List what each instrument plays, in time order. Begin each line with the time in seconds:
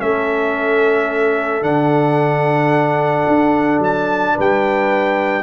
0.00 tuba A3, trombone C#4, horn A4, trumpet E5
1.62 tuba D3, trombone D4, trumpet F#5
3.28 tuba D4
3.79 tuba F#3, trumpet A5
4.35 tuba G3, horn B4
4.41 trumpet G5